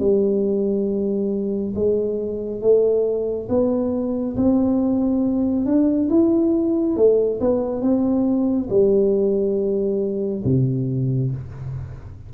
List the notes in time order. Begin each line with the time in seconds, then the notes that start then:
0.00 G3
1.75 G#3
2.61 A3
3.49 B3
4.37 C4
5.66 D4
6.10 E4
6.96 A3
7.41 B3
7.82 C4
8.70 G3
10.44 C3